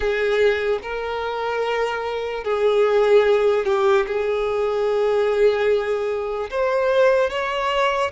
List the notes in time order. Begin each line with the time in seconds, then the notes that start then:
0.00 G#4
0.82 A#4
2.43 G#4
3.65 G4
4.06 G#4
6.50 C5
7.30 C#5